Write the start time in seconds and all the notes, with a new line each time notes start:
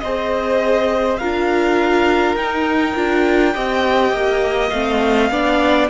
0.00 C4 G#4 C5 D#5
1.17 D4 F4 A#4 F5
2.36 D#4 G5
2.96 D4 F4
3.54 C4 G4 D#5
4.12 A#3
4.70 A3 C4 F5
5.30 B3 D4 D5